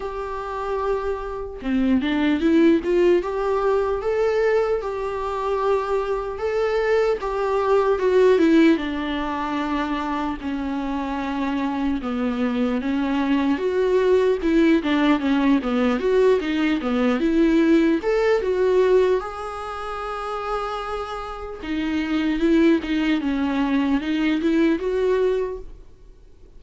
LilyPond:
\new Staff \with { instrumentName = "viola" } { \time 4/4 \tempo 4 = 75 g'2 c'8 d'8 e'8 f'8 | g'4 a'4 g'2 | a'4 g'4 fis'8 e'8 d'4~ | d'4 cis'2 b4 |
cis'4 fis'4 e'8 d'8 cis'8 b8 | fis'8 dis'8 b8 e'4 a'8 fis'4 | gis'2. dis'4 | e'8 dis'8 cis'4 dis'8 e'8 fis'4 | }